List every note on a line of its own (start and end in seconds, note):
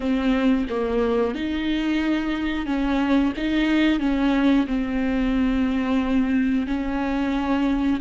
0.00 0.66 C4
0.69 1.35 A#3
1.35 2.66 D#4
2.66 3.32 C#4
3.37 3.99 D#4
3.99 4.66 C#4
4.67 6.67 C4
6.67 8.00 C#4